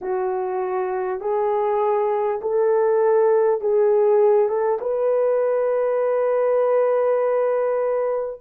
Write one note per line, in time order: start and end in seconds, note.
0.01 1.20 F#4
1.20 2.40 G#4
2.41 3.60 A4
3.60 4.48 G#4
4.48 4.78 A4
4.81 8.41 B4